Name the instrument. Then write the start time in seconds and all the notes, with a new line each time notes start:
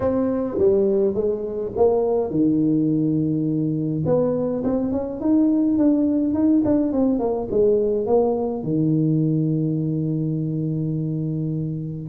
tuba
0.00 C4
0.58 G3
1.14 G#3
1.76 A#3
2.30 D#3
4.05 B3
4.63 C4
4.92 C#4
5.20 D#4
5.77 D4
6.34 D#4
6.65 D4
6.92 C4
7.19 A#3
7.51 G#3
8.06 A#3
8.63 D#3